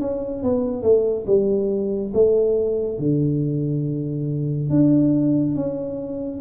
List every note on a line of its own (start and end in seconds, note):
0.00 0.43 C#4
0.43 0.82 B3
0.82 1.25 A3
1.26 2.12 G3
2.14 2.98 A3
2.98 4.69 D3
4.69 5.55 D4
5.55 6.41 C#4